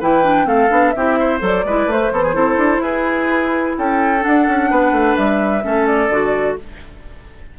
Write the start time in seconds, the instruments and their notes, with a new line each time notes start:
0.00 bassoon E3, clarinet E4, oboe B4, flute G5
0.24 clarinet D4
0.45 bassoon A3, clarinet C4, oboe A4, flute F5
0.70 bassoon B3, clarinet D4
0.91 bassoon C4, clarinet E4, oboe G4, flute E5
1.19 oboe C5
1.40 bassoon F#3, clarinet A4
1.46 flute D5
1.64 bassoon G#3, clarinet E4, oboe B4
1.86 bassoon A3, clarinet A3, flute C5
2.12 clarinet E3, bassoon B3, oboe A4
2.24 oboe G#4
2.34 bassoon C4, clarinet E4, oboe A4
2.58 bassoon D4
2.79 bassoon E4, oboe G#4, flute B4
3.78 bassoon C#4, oboe A4, flute G5
4.20 clarinet D4, flute F#5
4.27 bassoon D4
4.48 bassoon C#4
4.70 bassoon B3, oboe B4
4.92 bassoon A3
5.16 bassoon G3, flute E5
5.62 bassoon A3, clarinet C#4, oboe A4
5.87 flute D5
6.09 bassoon D3, clarinet F#4